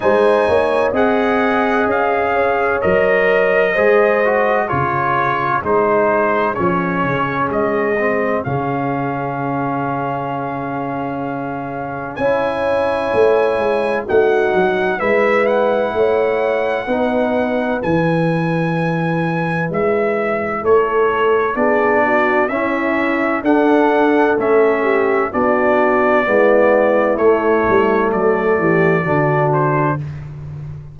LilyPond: <<
  \new Staff \with { instrumentName = "trumpet" } { \time 4/4 \tempo 4 = 64 gis''4 fis''4 f''4 dis''4~ | dis''4 cis''4 c''4 cis''4 | dis''4 f''2.~ | f''4 gis''2 fis''4 |
e''8 fis''2~ fis''8 gis''4~ | gis''4 e''4 cis''4 d''4 | e''4 fis''4 e''4 d''4~ | d''4 cis''4 d''4. c''8 | }
  \new Staff \with { instrumentName = "horn" } { \time 4/4 c''8 cis''8 dis''4. cis''4. | c''4 gis'2.~ | gis'1~ | gis'4 cis''2 fis'4 |
b'4 cis''4 b'2~ | b'2 a'4 gis'8 fis'8 | e'4 a'4. g'8 fis'4 | e'2 a'8 g'8 fis'4 | }
  \new Staff \with { instrumentName = "trombone" } { \time 4/4 dis'4 gis'2 ais'4 | gis'8 fis'8 f'4 dis'4 cis'4~ | cis'8 c'8 cis'2.~ | cis'4 e'2 dis'4 |
e'2 dis'4 e'4~ | e'2. d'4 | cis'4 d'4 cis'4 d'4 | b4 a2 d'4 | }
  \new Staff \with { instrumentName = "tuba" } { \time 4/4 gis8 ais8 c'4 cis'4 fis4 | gis4 cis4 gis4 f8 cis8 | gis4 cis2.~ | cis4 cis'4 a8 gis8 a8 fis8 |
gis4 a4 b4 e4~ | e4 gis4 a4 b4 | cis'4 d'4 a4 b4 | gis4 a8 g8 fis8 e8 d4 | }
>>